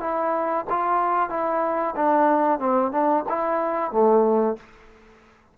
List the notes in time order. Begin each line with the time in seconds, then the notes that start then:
0.00 E4
0.69 F4
1.30 E4
1.96 D4
2.59 C4
2.92 D4
3.29 E4
3.92 A3